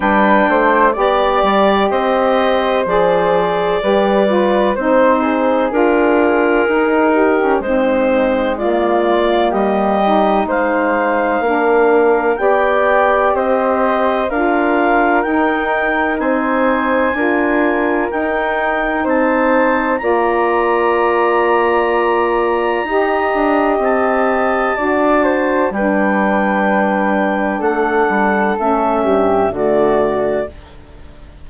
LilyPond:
<<
  \new Staff \with { instrumentName = "clarinet" } { \time 4/4 \tempo 4 = 63 g''4 d''4 dis''4 d''4~ | d''4 c''4 ais'2 | c''4 d''4 dis''4 f''4~ | f''4 g''4 dis''4 f''4 |
g''4 gis''2 g''4 | a''4 ais''2.~ | ais''4 a''2 g''4~ | g''4 fis''4 e''4 d''4 | }
  \new Staff \with { instrumentName = "flute" } { \time 4/4 b'8 c''8 d''4 c''2 | b'4 c''8 gis'2 g'8 | dis'4 f'4 g'4 c''4 | ais'4 d''4 c''4 ais'4~ |
ais'4 c''4 ais'2 | c''4 d''2. | dis''2 d''8 c''8 b'4~ | b'4 a'4. g'8 fis'4 | }
  \new Staff \with { instrumentName = "saxophone" } { \time 4/4 d'4 g'2 gis'4 | g'8 f'8 dis'4 f'4 dis'8. cis'16 | c'4 ais4. dis'4. | d'4 g'2 f'4 |
dis'2 f'4 dis'4~ | dis'4 f'2. | g'2 fis'4 d'4~ | d'2 cis'4 a4 | }
  \new Staff \with { instrumentName = "bassoon" } { \time 4/4 g8 a8 b8 g8 c'4 f4 | g4 c'4 d'4 dis'4 | gis2 g4 gis4 | ais4 b4 c'4 d'4 |
dis'4 c'4 d'4 dis'4 | c'4 ais2. | dis'8 d'8 c'4 d'4 g4~ | g4 a8 g8 a8 g,8 d4 | }
>>